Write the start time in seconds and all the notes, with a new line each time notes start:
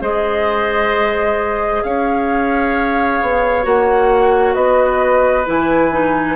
0.00 G#3 G#4 C5 D#5
1.84 C#4 C#5 F5
3.22 B3
3.64 A#3 F#4 F#5
4.55 B3 B4 D#5
5.46 E3 E4 G#5
5.93 D#4